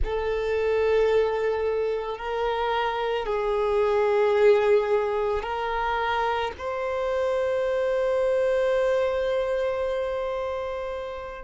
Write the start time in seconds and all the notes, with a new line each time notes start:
0.03 A4
2.18 A#4
3.25 G#4
5.42 A#4
6.58 C5